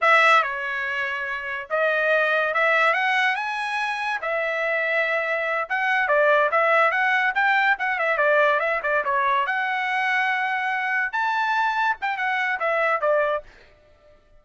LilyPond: \new Staff \with { instrumentName = "trumpet" } { \time 4/4 \tempo 4 = 143 e''4 cis''2. | dis''2 e''4 fis''4 | gis''2 e''2~ | e''4. fis''4 d''4 e''8~ |
e''8 fis''4 g''4 fis''8 e''8 d''8~ | d''8 e''8 d''8 cis''4 fis''4.~ | fis''2~ fis''8 a''4.~ | a''8 g''8 fis''4 e''4 d''4 | }